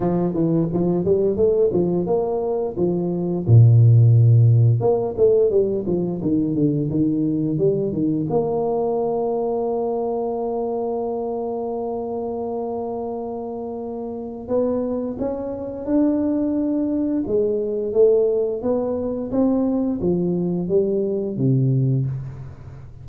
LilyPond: \new Staff \with { instrumentName = "tuba" } { \time 4/4 \tempo 4 = 87 f8 e8 f8 g8 a8 f8 ais4 | f4 ais,2 ais8 a8 | g8 f8 dis8 d8 dis4 g8 dis8 | ais1~ |
ais1~ | ais4 b4 cis'4 d'4~ | d'4 gis4 a4 b4 | c'4 f4 g4 c4 | }